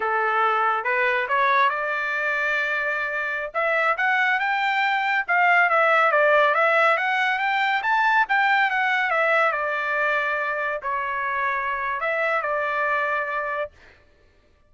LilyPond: \new Staff \with { instrumentName = "trumpet" } { \time 4/4 \tempo 4 = 140 a'2 b'4 cis''4 | d''1~ | d''16 e''4 fis''4 g''4.~ g''16~ | g''16 f''4 e''4 d''4 e''8.~ |
e''16 fis''4 g''4 a''4 g''8.~ | g''16 fis''4 e''4 d''4.~ d''16~ | d''4~ d''16 cis''2~ cis''8. | e''4 d''2. | }